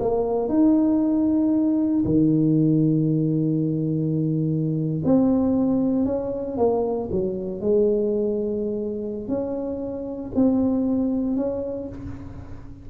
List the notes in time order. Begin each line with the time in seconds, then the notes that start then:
0.00 A#3
0.49 D#4
2.05 D#3
5.05 C4
6.06 C#4
6.58 A#3
7.11 F#3
7.61 G#3
9.28 C#4
10.35 C4
11.37 C#4